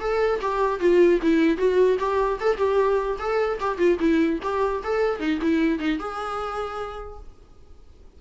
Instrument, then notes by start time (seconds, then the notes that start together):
viola
0.00 A4
0.41 G4
0.80 F4
1.22 E4
1.57 F#4
1.99 G4
2.40 A4
2.57 G4
3.19 A4
3.60 G4
3.78 F4
4.00 E4
4.43 G4
4.83 A4
5.19 D#4
5.41 E4
5.79 D#4
5.99 G#4